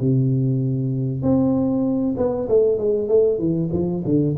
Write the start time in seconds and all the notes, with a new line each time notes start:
0.00 C3
1.22 C4
2.17 B3
2.49 A3
2.78 G#3
3.08 A3
3.39 E3
3.73 F3
4.05 D3